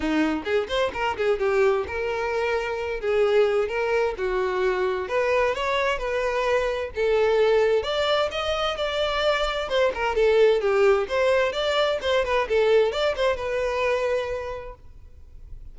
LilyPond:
\new Staff \with { instrumentName = "violin" } { \time 4/4 \tempo 4 = 130 dis'4 gis'8 c''8 ais'8 gis'8 g'4 | ais'2~ ais'8 gis'4. | ais'4 fis'2 b'4 | cis''4 b'2 a'4~ |
a'4 d''4 dis''4 d''4~ | d''4 c''8 ais'8 a'4 g'4 | c''4 d''4 c''8 b'8 a'4 | d''8 c''8 b'2. | }